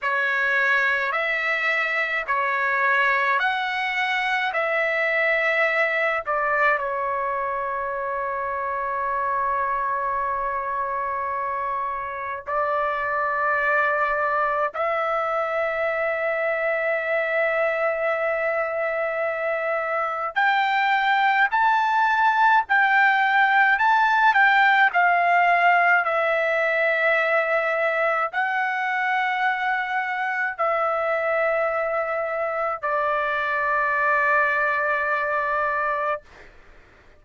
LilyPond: \new Staff \with { instrumentName = "trumpet" } { \time 4/4 \tempo 4 = 53 cis''4 e''4 cis''4 fis''4 | e''4. d''8 cis''2~ | cis''2. d''4~ | d''4 e''2.~ |
e''2 g''4 a''4 | g''4 a''8 g''8 f''4 e''4~ | e''4 fis''2 e''4~ | e''4 d''2. | }